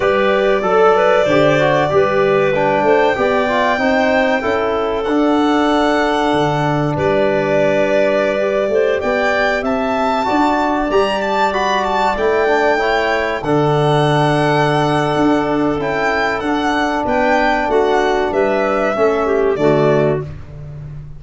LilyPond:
<<
  \new Staff \with { instrumentName = "violin" } { \time 4/4 \tempo 4 = 95 d''1 | g''1 | fis''2. d''4~ | d''2~ d''16 g''4 a''8.~ |
a''4~ a''16 ais''8 a''8 b''8 a''8 g''8.~ | g''4~ g''16 fis''2~ fis''8.~ | fis''4 g''4 fis''4 g''4 | fis''4 e''2 d''4 | }
  \new Staff \with { instrumentName = "clarinet" } { \time 4/4 b'4 a'8 b'8 c''4 b'4~ | b'8 c''8 d''4 c''4 a'4~ | a'2. b'4~ | b'4.~ b'16 c''8 d''4 e''8.~ |
e''16 d''2.~ d''8.~ | d''16 cis''4 a'2~ a'8.~ | a'2. b'4 | fis'4 b'4 a'8 g'8 fis'4 | }
  \new Staff \with { instrumentName = "trombone" } { \time 4/4 g'4 a'4 g'8 fis'8 g'4 | d'4 g'8 f'8 dis'4 e'4 | d'1~ | d'4~ d'16 g'2~ g'8.~ |
g'16 fis'4 g'4 fis'4 e'8 d'16~ | d'16 e'4 d'2~ d'8.~ | d'4 e'4 d'2~ | d'2 cis'4 a4 | }
  \new Staff \with { instrumentName = "tuba" } { \time 4/4 g4 fis4 d4 g4~ | g8 a8 b4 c'4 cis'4 | d'2 d4 g4~ | g4.~ g16 a8 b4 c'8.~ |
c'16 d'4 g2 a8.~ | a4~ a16 d2~ d8. | d'4 cis'4 d'4 b4 | a4 g4 a4 d4 | }
>>